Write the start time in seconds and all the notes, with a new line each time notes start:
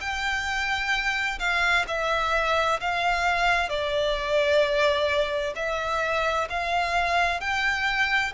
0.00 G5
1.39 F5
1.87 E5
2.80 F5
3.69 D5
5.56 E5
6.49 F5
7.40 G5